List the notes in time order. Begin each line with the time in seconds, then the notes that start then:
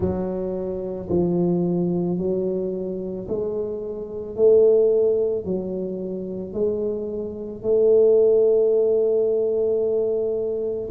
0.00 F#3
1.09 F3
2.18 F#3
3.28 G#3
4.35 A3
5.44 F#3
6.53 G#3
7.62 A3